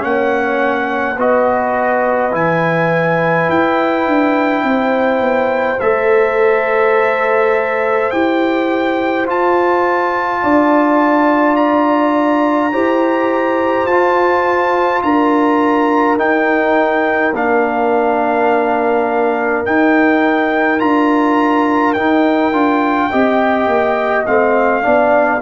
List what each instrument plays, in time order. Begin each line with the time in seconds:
0.00 tuba A#3, trombone C#4, horn C#5, trumpet F#5
1.17 tuba B3, trombone F#4, horn B4, trumpet D#5
2.32 tuba E3, trombone E4, trumpet G#5
3.49 tuba E4, trumpet G5
4.06 tuba D4
4.63 tuba C4, horn C5
5.21 tuba B3
5.80 tuba A3, trombone A4, trumpet E5
8.11 tuba E4, trombone G4, trumpet G5
9.26 trombone F4, tuba F4, trumpet A5
10.42 tuba D4, horn D5
11.56 trumpet A#5
12.72 tuba E4, trombone G4, horn C5
13.85 tuba F4, trombone F4, trumpet A5
15.02 tuba D4, horn A#4, trumpet A#5
16.18 trombone D#4, tuba D#4, trumpet G5
17.33 tuba A#3, trombone D4, trumpet F5
19.66 trombone D#4, tuba D#4, trumpet G5
20.80 tuba D4, trombone F4, trumpet A#5
21.94 trombone D#4, tuba D#4, trumpet G5
22.52 tuba D4, trombone F4
23.10 tuba C4, trombone G4, horn D#5
23.67 tuba A#3
24.26 tuba A3, trombone C4, trumpet F5
24.83 tuba B3, trombone D4, horn D5